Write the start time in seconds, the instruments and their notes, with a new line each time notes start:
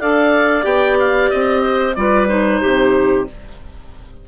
0.00 bassoon D4, clarinet A4 D5, oboe F5
0.63 bassoon B3, clarinet G4, oboe G5
0.99 oboe F5
1.30 bassoon C4, oboe D#5
1.62 clarinet C5
1.95 bassoon G3, clarinet F4 B4, oboe D5
2.28 clarinet D#4, oboe C5
2.62 bassoon C3, clarinet G4